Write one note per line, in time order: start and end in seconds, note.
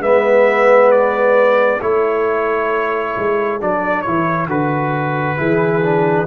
0.00 1.79 G#3
0.00 1.79 B3
0.00 1.80 B4
0.00 0.91 E5
0.91 1.80 D5
1.80 3.15 A3
1.80 3.60 E4
1.80 5.37 A4
1.80 3.60 C#5
3.17 3.61 G#3
3.60 4.06 F#3
3.60 4.05 D4
3.60 4.01 D5
4.01 4.46 E3
4.01 4.49 E4
4.01 4.46 C#5
4.46 5.36 D3
4.46 5.37 F#4
4.46 6.26 B4
5.37 6.26 E3
5.37 5.81 E4
5.37 6.26 G#4
5.82 6.26 D4